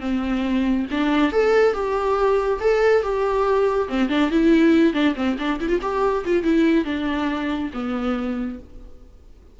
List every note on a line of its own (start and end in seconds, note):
0.00 0.86 C4
0.91 1.32 D4
1.32 1.73 A4
1.73 2.59 G4
2.60 3.02 A4
3.02 3.88 G4
3.88 4.09 C4
4.09 4.30 D4
4.30 4.93 E4
4.93 5.14 D4
5.15 5.37 C4
5.38 5.60 D4
5.60 5.68 E4
5.68 5.79 F4
5.81 6.24 G4
6.25 6.43 F4
6.43 6.84 E4
6.84 7.70 D4
7.73 8.59 B3